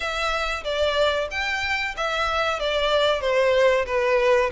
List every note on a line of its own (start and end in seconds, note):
0.00 0.63 E5
0.64 1.28 D5
1.30 1.95 G5
1.96 2.59 E5
2.59 3.21 D5
3.21 3.85 C5
3.86 4.50 B4